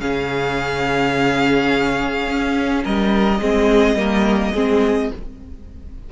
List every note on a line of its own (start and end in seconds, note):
0.00 2.28 C#3
0.00 3.40 C#4
0.00 2.84 G#4
0.00 2.83 F5
2.28 2.84 C#4
2.84 3.39 G3
2.84 3.41 A#4
2.84 5.12 D#5
3.39 3.95 G#3
3.39 3.97 C4
3.39 3.98 G#4
3.95 4.51 G3
3.95 4.54 A#3
3.95 4.53 A#4
4.53 5.11 G#3
4.53 5.12 C4
4.53 5.10 G#4